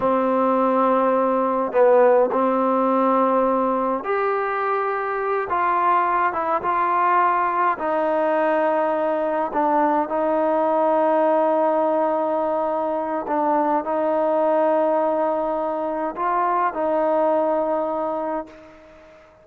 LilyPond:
\new Staff \with { instrumentName = "trombone" } { \time 4/4 \tempo 4 = 104 c'2. b4 | c'2. g'4~ | g'4. f'4. e'8 f'8~ | f'4. dis'2~ dis'8~ |
dis'8 d'4 dis'2~ dis'8~ | dis'2. d'4 | dis'1 | f'4 dis'2. | }